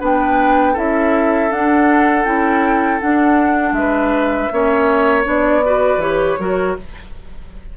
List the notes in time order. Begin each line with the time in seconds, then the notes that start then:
0.00 B3 D4 B4 G5
0.73 C#4 E4 A4 E5
1.50 D4 F#5
2.25 C#4 E4 G5
3.00 D4 F#5
3.72 G#3 E5
3.79 B4
4.51 A#3 C#4 C#5
5.24 B3 D4 D5
5.65 F#4 B4
5.97 E3 G4 C#5
6.39 F#3 F#4 A#4